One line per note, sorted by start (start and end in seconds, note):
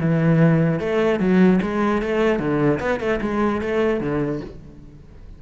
0.00 0.79 E3
0.79 1.19 A3
1.19 1.59 F#3
1.62 2.02 G#3
2.02 2.39 A3
2.39 2.79 D3
2.80 3.00 B3
3.00 3.20 A3
3.21 3.61 G#3
3.61 4.00 A3
4.00 4.41 D3